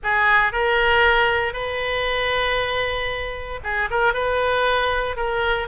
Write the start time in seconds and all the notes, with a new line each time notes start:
0.03 G#4
0.52 A#4
1.53 B4
3.63 G#4
3.90 A#4
4.13 B4
5.16 A#4